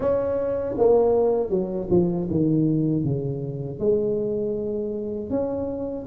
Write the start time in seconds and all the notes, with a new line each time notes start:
0.00 C#4
0.77 A#3
1.49 F#3
1.90 F3
2.30 D#3
3.04 C#3
3.79 G#3
5.30 C#4